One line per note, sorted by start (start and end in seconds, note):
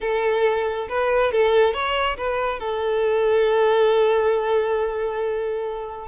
0.01 0.88 A4
0.88 1.31 B4
1.31 1.73 A4
1.73 2.17 C#5
2.17 2.59 B4
2.59 6.07 A4